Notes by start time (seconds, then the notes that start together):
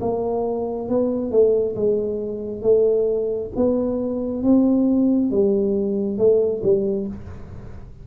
0.00 A#3
0.88 B3
1.31 A3
1.75 G#3
2.62 A3
3.56 B3
4.42 C4
5.30 G3
6.17 A3
6.63 G3